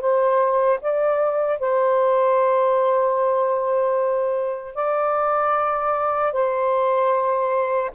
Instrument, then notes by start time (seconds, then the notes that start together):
saxophone
0.00 C5
0.81 D5
1.59 C5
4.74 D5
6.32 C5